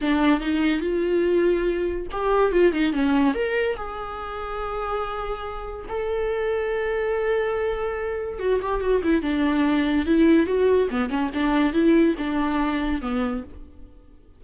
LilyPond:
\new Staff \with { instrumentName = "viola" } { \time 4/4 \tempo 4 = 143 d'4 dis'4 f'2~ | f'4 g'4 f'8 dis'8 cis'4 | ais'4 gis'2.~ | gis'2 a'2~ |
a'1 | fis'8 g'8 fis'8 e'8 d'2 | e'4 fis'4 b8 cis'8 d'4 | e'4 d'2 b4 | }